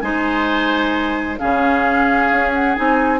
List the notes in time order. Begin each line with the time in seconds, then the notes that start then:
0.00 G#3 D#4 C5 G#5
1.38 C#3 C#4 G#4 F5
2.31 C#4
2.53 F#5
2.75 C4 D#4 G#5